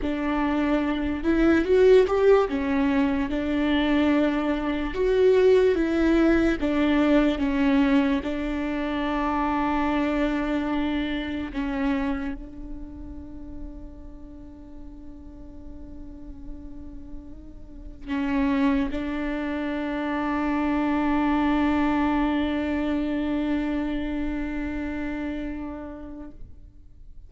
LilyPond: \new Staff \with { instrumentName = "viola" } { \time 4/4 \tempo 4 = 73 d'4. e'8 fis'8 g'8 cis'4 | d'2 fis'4 e'4 | d'4 cis'4 d'2~ | d'2 cis'4 d'4~ |
d'1~ | d'2 cis'4 d'4~ | d'1~ | d'1 | }